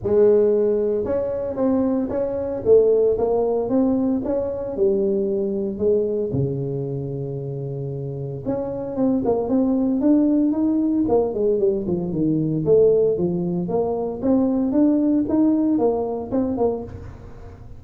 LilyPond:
\new Staff \with { instrumentName = "tuba" } { \time 4/4 \tempo 4 = 114 gis2 cis'4 c'4 | cis'4 a4 ais4 c'4 | cis'4 g2 gis4 | cis1 |
cis'4 c'8 ais8 c'4 d'4 | dis'4 ais8 gis8 g8 f8 dis4 | a4 f4 ais4 c'4 | d'4 dis'4 ais4 c'8 ais8 | }